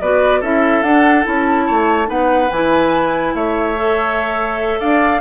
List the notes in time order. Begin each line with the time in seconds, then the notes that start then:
0.00 B3 F#4 B4 D5
0.40 C#4 E4 A4 E5
0.82 D4 F#5
1.23 C#4 E4 A5
1.66 A3 C#5
2.05 B3 D#4 B4 F#5
2.51 E3 E4 G#5
3.34 A3 C#5 E5
3.76 A4
4.79 D4 D5 F5